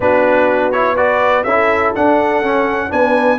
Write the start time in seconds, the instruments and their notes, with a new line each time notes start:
0.00 tuba B3, trombone D4, horn F#4, trumpet B4
0.71 trombone E4, trumpet C#5
0.95 trombone F#4, horn B4, trumpet D5
1.43 tuba C#4, trombone E4, horn A4, trumpet E5
1.95 trombone D4, tuba D4, trumpet F#5
2.42 tuba C#4, trombone C#4
2.89 tuba B3, trombone D4, horn B4, trumpet G#5